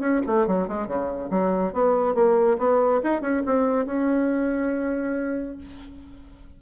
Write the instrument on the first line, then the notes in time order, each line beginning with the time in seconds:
bassoon
0.00 C#4
0.27 A3
0.48 F#3
0.68 G#3
0.88 C#3
1.31 F#3
1.73 B3
2.15 A#3
2.59 B3
3.04 D#4
3.22 C#4
3.46 C4
3.86 C#4